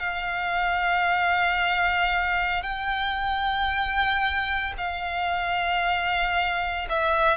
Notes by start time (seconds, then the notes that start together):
0.00 F5
2.63 G5
4.78 F5
6.90 E5